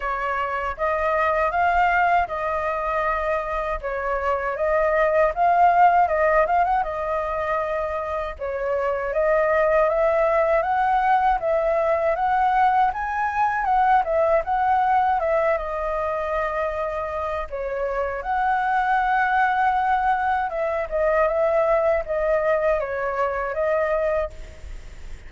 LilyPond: \new Staff \with { instrumentName = "flute" } { \time 4/4 \tempo 4 = 79 cis''4 dis''4 f''4 dis''4~ | dis''4 cis''4 dis''4 f''4 | dis''8 f''16 fis''16 dis''2 cis''4 | dis''4 e''4 fis''4 e''4 |
fis''4 gis''4 fis''8 e''8 fis''4 | e''8 dis''2~ dis''8 cis''4 | fis''2. e''8 dis''8 | e''4 dis''4 cis''4 dis''4 | }